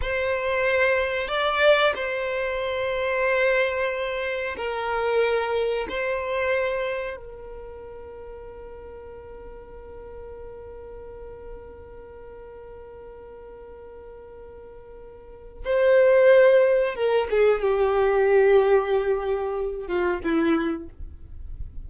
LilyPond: \new Staff \with { instrumentName = "violin" } { \time 4/4 \tempo 4 = 92 c''2 d''4 c''4~ | c''2. ais'4~ | ais'4 c''2 ais'4~ | ais'1~ |
ais'1~ | ais'1 | c''2 ais'8 gis'8 g'4~ | g'2~ g'8 f'8 e'4 | }